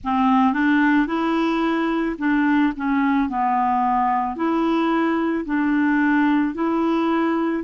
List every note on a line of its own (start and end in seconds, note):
0.03 0.53 C4
0.53 1.07 D4
1.07 2.16 E4
2.18 2.73 D4
2.76 3.29 C#4
3.29 4.35 B3
4.35 5.44 E4
5.45 6.54 D4
6.54 7.63 E4